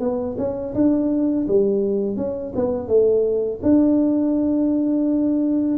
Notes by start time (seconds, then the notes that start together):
0.00 B3
0.38 C#4
0.75 D4
1.48 G3
2.17 C#4
2.56 B3
2.88 A3
3.63 D4